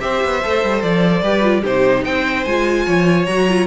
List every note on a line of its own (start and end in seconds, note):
0.00 0.24 C4
0.00 0.41 G4
0.00 1.22 C5
0.00 0.82 E5
0.24 0.45 B3
0.43 0.64 A3
0.43 1.24 A4
0.64 0.83 G3
0.82 1.22 F3
0.82 1.64 D5
1.22 1.63 G3
1.22 1.42 G4
1.22 1.61 B4
1.42 1.62 F4
1.61 2.05 C3
1.61 2.47 D#4
1.61 2.02 G4
1.61 2.05 C5
2.05 2.45 C4
2.05 2.86 C5
2.05 2.45 G5
2.45 2.86 G#3
2.45 3.27 F4
2.45 3.26 G#5
2.86 3.28 F3
2.86 3.67 C#5
3.26 3.67 F#3
3.26 3.48 F#4
3.26 3.67 A#5
3.49 3.67 F4